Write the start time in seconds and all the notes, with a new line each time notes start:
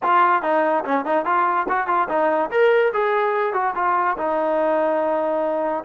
0.02 F4
0.42 D#4
0.84 C#4
1.05 D#4
1.25 F4
1.68 F#4
1.87 F4
2.08 D#4
2.50 A#4
2.93 G#4
3.53 F#4
3.75 F4
4.17 D#4